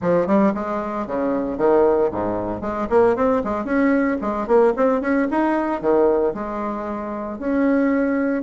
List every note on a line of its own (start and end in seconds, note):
0.01 0.26 F3
0.26 0.53 G3
0.54 1.06 G#3
1.06 1.57 C#3
1.57 2.10 D#3
2.11 2.61 G#2
2.61 2.87 G#3
2.89 3.16 A#3
3.16 3.42 C4
3.44 3.64 G#3
3.64 4.17 C#4
4.21 4.47 G#3
4.47 4.73 A#3
4.76 5.01 C4
5.01 5.27 C#4
5.30 5.81 D#4
5.81 6.33 D#3
6.33 7.38 G#3
7.38 8.43 C#4